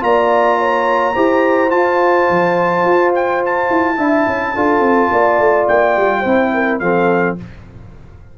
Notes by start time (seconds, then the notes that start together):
0.00 A#3 F4 D5 A#5
0.59 C#5
1.14 E4 G4 C5
1.70 F4 A5
2.30 F3
2.84 F4
3.15 G5
3.45 A5
3.70 E4
3.97 D4 E4 E5
4.27 C#4
4.54 D4 F4 A4
4.80 C4
5.11 A#3 D5
5.39 A3
5.68 A#3 G5
5.96 G3
6.21 C4 E4 C5
6.53 A#4
6.79 F3 C4 A4 F5